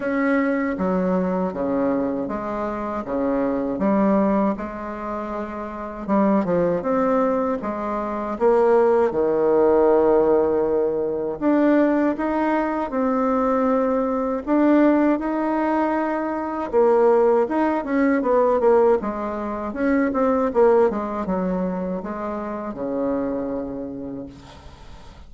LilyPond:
\new Staff \with { instrumentName = "bassoon" } { \time 4/4 \tempo 4 = 79 cis'4 fis4 cis4 gis4 | cis4 g4 gis2 | g8 f8 c'4 gis4 ais4 | dis2. d'4 |
dis'4 c'2 d'4 | dis'2 ais4 dis'8 cis'8 | b8 ais8 gis4 cis'8 c'8 ais8 gis8 | fis4 gis4 cis2 | }